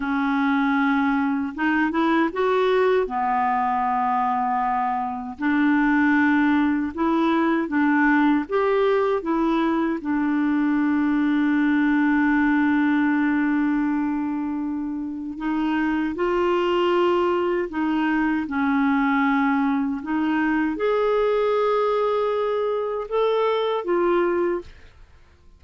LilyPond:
\new Staff \with { instrumentName = "clarinet" } { \time 4/4 \tempo 4 = 78 cis'2 dis'8 e'8 fis'4 | b2. d'4~ | d'4 e'4 d'4 g'4 | e'4 d'2.~ |
d'1 | dis'4 f'2 dis'4 | cis'2 dis'4 gis'4~ | gis'2 a'4 f'4 | }